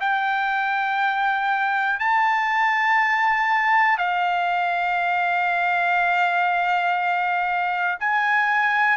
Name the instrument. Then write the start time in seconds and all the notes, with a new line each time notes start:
trumpet
0.00 G5
1.99 A5
3.98 F5
7.99 G#5